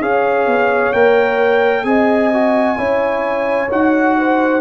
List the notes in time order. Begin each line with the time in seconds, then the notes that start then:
0.00 C#4 G#4 C#5 F5
0.46 B3
0.93 A#3 A#4 G5
1.84 C4 G#4 D#5 G#5
2.33 F#4
2.77 C#4 E4 C#5
3.70 D#4 F#4 F#5
4.18 C5